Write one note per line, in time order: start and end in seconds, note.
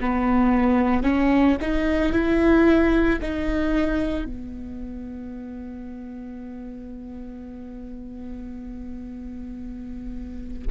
0.00 1.03 B3
1.03 1.56 C#4
1.61 2.12 D#4
2.12 3.19 E4
3.21 4.25 D#4
4.25 10.68 B3